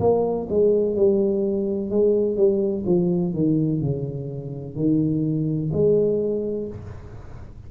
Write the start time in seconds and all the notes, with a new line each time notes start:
0.00 A#3
0.50 G#3
0.96 G3
1.90 G#3
2.36 G3
2.86 F3
3.34 D#3
3.81 C#3
4.76 D#3
5.73 G#3